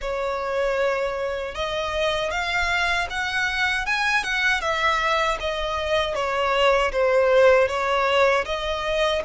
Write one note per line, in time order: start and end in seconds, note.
0.01 1.54 C#5
1.54 2.30 D#5
2.30 3.07 F5
3.10 3.86 F#5
3.86 4.23 G#5
4.23 4.60 F#5
4.60 5.37 E5
5.40 6.14 D#5
6.14 6.91 C#5
6.92 7.67 C5
7.67 8.44 C#5
8.45 9.22 D#5